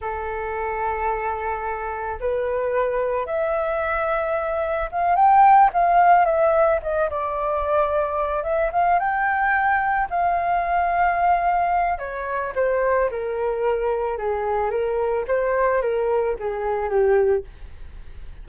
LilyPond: \new Staff \with { instrumentName = "flute" } { \time 4/4 \tempo 4 = 110 a'1 | b'2 e''2~ | e''4 f''8 g''4 f''4 e''8~ | e''8 dis''8 d''2~ d''8 e''8 |
f''8 g''2 f''4.~ | f''2 cis''4 c''4 | ais'2 gis'4 ais'4 | c''4 ais'4 gis'4 g'4 | }